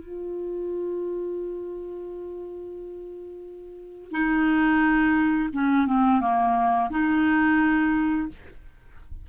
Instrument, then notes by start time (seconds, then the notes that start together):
clarinet
0.00 F4
4.12 D#4
5.54 C#4
5.87 C4
6.21 A#3
6.91 D#4